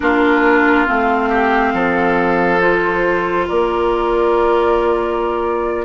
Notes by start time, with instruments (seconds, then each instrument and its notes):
0.00 bassoon A#3, clarinet D4, oboe F4, flute A#4
0.86 bassoon A3, clarinet C4, flute F5
1.29 oboe G4
1.73 bassoon F3, oboe A4
2.60 clarinet F4, flute C5
3.47 bassoon A#3, oboe A#4, flute D5